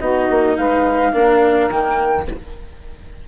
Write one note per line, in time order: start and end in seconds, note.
0.00 0.29 B3
0.00 1.13 D#4
0.00 0.57 F#4
0.00 0.57 D#5
0.30 0.58 A#3
0.57 1.14 G#3
0.57 1.13 B4
0.57 1.71 F5
1.13 1.70 A#3
1.13 1.70 D4
1.13 2.27 A#4
1.70 2.27 D#3
1.70 2.28 A#3
1.70 2.28 G5